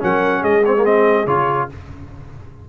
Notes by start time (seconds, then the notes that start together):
0.00 F#3 C#4 A#4 F#5
0.42 G#3 G#4 D#5
0.65 C4 C#5
0.78 A#3
0.85 C4 D#5
1.27 C#3 F4 C#5